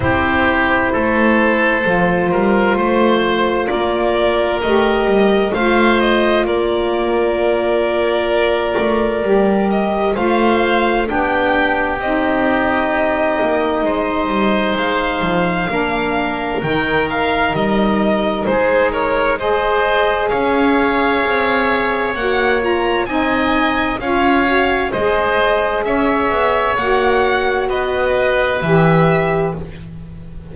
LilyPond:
<<
  \new Staff \with { instrumentName = "violin" } { \time 4/4 \tempo 4 = 65 c''1 | d''4 dis''4 f''8 dis''8 d''4~ | d''2~ d''8 dis''8 f''4 | g''4 dis''2. |
f''2 g''8 f''8 dis''4 | c''8 cis''8 dis''4 f''2 | fis''8 ais''8 gis''4 f''4 dis''4 | e''4 fis''4 dis''4 e''4 | }
  \new Staff \with { instrumentName = "oboe" } { \time 4/4 g'4 a'4. ais'8 c''4 | ais'2 c''4 ais'4~ | ais'2. c''4 | g'2. c''4~ |
c''4 ais'2. | gis'8 ais'8 c''4 cis''2~ | cis''4 dis''4 cis''4 c''4 | cis''2 b'2 | }
  \new Staff \with { instrumentName = "saxophone" } { \time 4/4 e'2 f'2~ | f'4 g'4 f'2~ | f'2 g'4 f'4 | d'4 dis'2.~ |
dis'4 d'4 dis'2~ | dis'4 gis'2. | fis'8 f'8 dis'4 f'8 fis'8 gis'4~ | gis'4 fis'2 g'4 | }
  \new Staff \with { instrumentName = "double bass" } { \time 4/4 c'4 a4 f8 g8 a4 | ais4 a8 g8 a4 ais4~ | ais4. a8 g4 a4 | b4 c'4. ais8 gis8 g8 |
gis8 f8 ais4 dis4 g4 | gis2 cis'4 c'4 | ais4 c'4 cis'4 gis4 | cis'8 b8 ais4 b4 e4 | }
>>